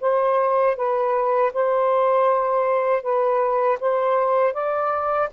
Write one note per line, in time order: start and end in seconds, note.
0.00 0.76 C5
0.76 1.52 B4
1.53 3.02 C5
3.02 3.78 B4
3.80 4.53 C5
4.53 5.29 D5